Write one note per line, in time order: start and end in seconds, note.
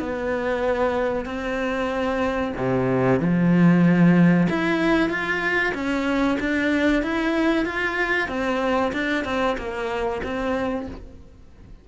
0.00 1.25 B3
1.25 2.53 C4
2.57 3.20 C3
3.20 4.47 F3
4.49 5.09 E4
5.09 5.73 F4
5.74 6.38 C#4
6.40 7.02 D4
7.02 7.65 E4
7.65 8.28 F4
8.28 8.92 C4
8.93 9.25 D4
9.25 9.57 C4
9.58 10.22 A#3
10.23 10.87 C4